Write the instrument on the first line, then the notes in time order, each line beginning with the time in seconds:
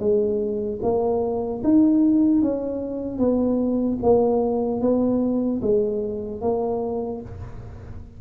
tuba
0.00 G#3
0.83 A#3
1.64 D#4
2.42 C#4
3.19 B3
4.03 A#3
4.81 B3
5.62 G#3
6.41 A#3